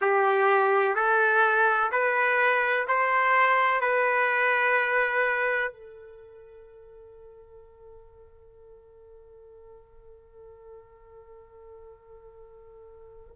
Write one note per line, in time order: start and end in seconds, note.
0.01 0.95 G4
0.95 1.90 A4
1.91 2.87 B4
2.87 3.81 C5
3.81 5.71 B4
5.71 13.33 A4